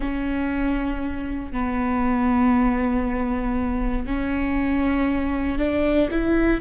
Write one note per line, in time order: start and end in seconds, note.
0.00 1.52 C#4
1.52 4.06 B3
4.06 5.58 C#4
5.58 6.09 D4
6.10 6.61 E4